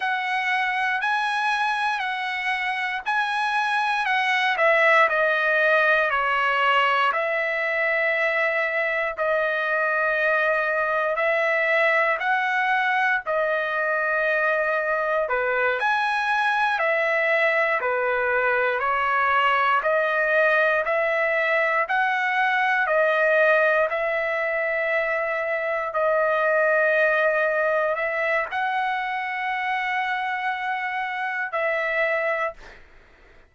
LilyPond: \new Staff \with { instrumentName = "trumpet" } { \time 4/4 \tempo 4 = 59 fis''4 gis''4 fis''4 gis''4 | fis''8 e''8 dis''4 cis''4 e''4~ | e''4 dis''2 e''4 | fis''4 dis''2 b'8 gis''8~ |
gis''8 e''4 b'4 cis''4 dis''8~ | dis''8 e''4 fis''4 dis''4 e''8~ | e''4. dis''2 e''8 | fis''2. e''4 | }